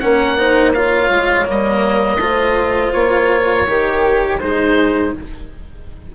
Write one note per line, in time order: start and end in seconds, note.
0.00 1.10 A#3
0.00 0.38 C#4
0.00 0.38 A#4
0.00 0.73 F#5
0.38 0.75 D#4
0.38 0.74 C5
0.74 1.45 F4
0.74 2.21 C#5
0.74 1.47 F5
1.10 1.47 G#3
1.45 2.18 G3
1.45 2.18 A#3
1.45 2.93 D#5
2.18 2.91 A3
2.18 3.67 F4
2.18 3.68 C5
2.93 3.68 A#3
2.93 4.39 C#5
3.67 4.41 D#3
3.67 4.41 G4
3.67 4.42 A#4
4.40 5.15 G#3
4.40 5.14 D#4
4.40 5.15 G#4
4.40 5.14 C5